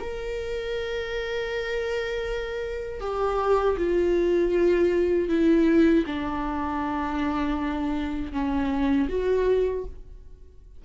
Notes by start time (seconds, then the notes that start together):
0.00 A#4
3.01 G4
3.77 F4
5.29 E4
6.07 D4
8.32 C#4
9.09 F#4